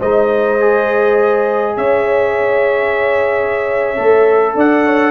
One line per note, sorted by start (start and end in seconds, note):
0.00 1.77 G#3
0.00 0.60 D#4
0.00 1.76 C5
0.00 1.76 D#5
0.60 3.96 G#4
1.76 3.98 C#4
1.76 4.56 C#5
1.76 4.56 E5
3.96 4.55 A3
3.96 5.11 A4
4.55 5.11 D4
4.55 4.86 D5
4.55 5.11 F#5
4.86 5.11 C#5